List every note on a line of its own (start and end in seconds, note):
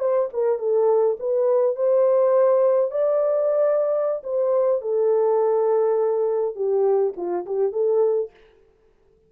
0.00 0.29 C5
0.33 0.59 A#4
0.59 1.17 A4
1.19 1.76 B4
1.76 2.91 C5
2.91 4.22 D5
4.24 4.82 C5
4.82 6.56 A4
6.56 7.14 G4
7.17 7.46 F4
7.46 7.73 G4
7.73 8.31 A4